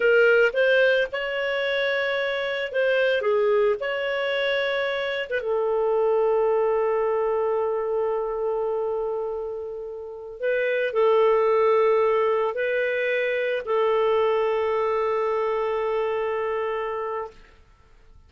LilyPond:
\new Staff \with { instrumentName = "clarinet" } { \time 4/4 \tempo 4 = 111 ais'4 c''4 cis''2~ | cis''4 c''4 gis'4 cis''4~ | cis''4.~ cis''16 b'16 a'2~ | a'1~ |
a'2.~ a'16 b'8.~ | b'16 a'2. b'8.~ | b'4~ b'16 a'2~ a'8.~ | a'1 | }